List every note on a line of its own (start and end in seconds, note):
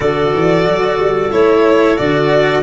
0.00 0.33 D3
0.00 1.30 F#4
0.00 2.63 A4
0.00 1.31 D5
0.34 0.65 E3
0.65 0.98 F#3
0.98 1.31 G3
1.30 1.99 A3
1.30 1.96 E4
1.30 1.97 C#5
1.97 2.63 D3
1.97 2.62 F#4
1.97 2.63 D5